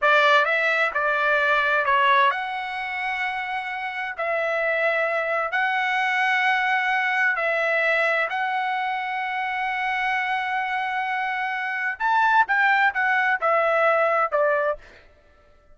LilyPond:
\new Staff \with { instrumentName = "trumpet" } { \time 4/4 \tempo 4 = 130 d''4 e''4 d''2 | cis''4 fis''2.~ | fis''4 e''2. | fis''1 |
e''2 fis''2~ | fis''1~ | fis''2 a''4 g''4 | fis''4 e''2 d''4 | }